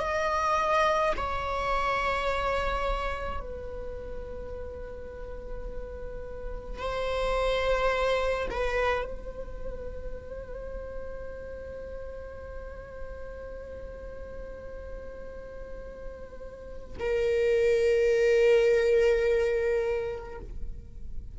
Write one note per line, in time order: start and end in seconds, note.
0.00 1.13 D#5
1.17 3.41 C#5
3.41 6.79 B4
6.79 8.49 C5
8.51 9.05 B4
9.05 16.98 C5
17.00 20.39 A#4